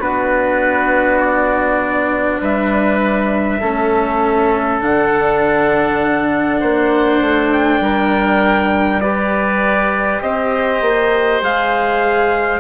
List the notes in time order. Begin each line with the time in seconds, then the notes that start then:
0.00 B3 D4 F#4 B4
1.21 D5
2.41 G3 B4 E5
3.60 A3 C#4 A4
4.81 D3 D4 F#5
6.60 A#3 C5
7.21 A3
7.53 G5
7.80 G3 A#4
9.01 G4 B4 D5
10.22 C4 C5 D#5
10.81 A#3
11.42 G#3 G#4 F5